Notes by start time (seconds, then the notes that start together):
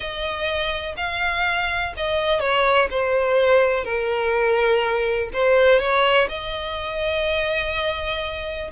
0.00 D#5
0.97 F5
1.96 D#5
2.40 C#5
2.90 C5
3.84 A#4
5.33 C5
5.79 C#5
6.29 D#5